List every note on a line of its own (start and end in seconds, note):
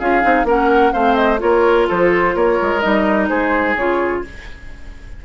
0.00 0.24 C#4
0.00 0.22 F4
0.00 0.47 G#4
0.00 0.47 F5
0.22 0.45 C4
0.22 0.46 D#4
0.45 0.92 A#3
0.45 0.94 C#4
0.45 0.93 A#4
0.45 0.93 F#5
0.93 1.42 A3
0.93 1.39 C4
0.93 1.41 C5
0.93 1.16 F5
1.16 1.39 D#5
1.39 1.89 A#3
1.39 2.81 F4
1.39 1.88 A#4
1.39 1.88 C#5
1.88 2.36 F3
1.88 2.36 A4
1.88 2.36 C5
2.36 2.59 A#3
2.36 3.30 A#4
2.36 2.81 C#5
2.62 2.85 G#3
2.81 3.30 G3
2.81 3.77 D#4
2.81 3.28 D#5
3.29 3.76 G#3
3.29 4.24 G#4
3.29 3.76 C5
3.76 4.24 C#3
3.76 4.25 F4
3.76 4.24 C#5